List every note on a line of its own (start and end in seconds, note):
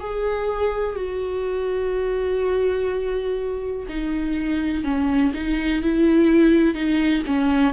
0.00 0.96 G#4
0.96 3.86 F#4
3.89 4.84 D#4
4.84 5.32 C#4
5.34 5.82 D#4
5.83 6.74 E4
6.74 7.23 D#4
7.26 7.73 C#4